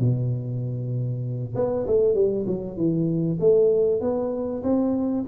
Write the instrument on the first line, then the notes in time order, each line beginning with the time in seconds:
tuba
0.00 B2
1.56 B3
1.87 A3
2.15 G3
2.47 F#3
2.77 E3
3.40 A3
4.01 B3
4.64 C4